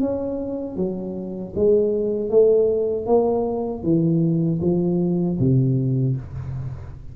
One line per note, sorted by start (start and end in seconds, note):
0.00 0.76 C#4
0.76 1.53 F#3
1.55 2.29 G#3
2.29 3.06 A3
3.06 3.83 A#3
3.83 4.59 E3
4.61 5.38 F3
5.39 6.16 C3